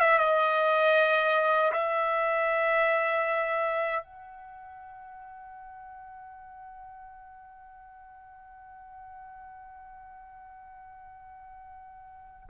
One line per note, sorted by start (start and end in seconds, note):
0.00 0.18 E5
0.18 1.72 D#5
1.72 4.03 E5
4.03 12.49 F#5